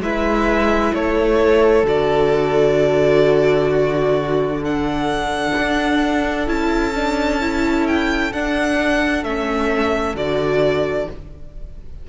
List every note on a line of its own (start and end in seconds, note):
0.00 0.92 G#3
0.00 1.86 E4
0.00 0.95 B4
0.00 0.94 E5
0.94 1.83 A3
0.94 3.70 A4
0.94 1.87 C#5
1.83 5.52 D3
1.83 4.62 F#4
1.83 4.64 D5
3.70 4.61 F#4
4.61 6.47 D4
4.61 11.07 A4
4.61 6.49 F#5
5.58 6.48 D4
6.47 8.32 C#4
6.47 6.93 E4
6.47 7.87 A5
6.95 7.41 D4
7.41 8.33 E4
7.87 8.33 G5
8.33 9.24 D4
8.33 9.25 D4
8.33 9.24 F#5
9.24 10.14 A3
9.24 10.16 C#4
9.24 10.16 E5
10.14 11.07 D3
10.14 11.09 F#4
10.14 11.09 D5